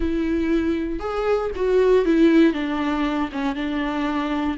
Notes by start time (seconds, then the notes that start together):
0.00 E4
0.99 G#4
1.55 F#4
2.05 E4
2.53 D4
3.31 C#4
3.55 D4